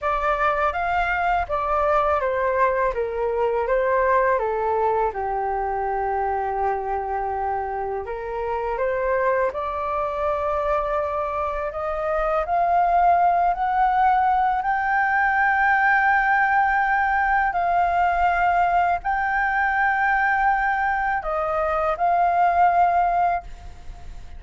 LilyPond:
\new Staff \with { instrumentName = "flute" } { \time 4/4 \tempo 4 = 82 d''4 f''4 d''4 c''4 | ais'4 c''4 a'4 g'4~ | g'2. ais'4 | c''4 d''2. |
dis''4 f''4. fis''4. | g''1 | f''2 g''2~ | g''4 dis''4 f''2 | }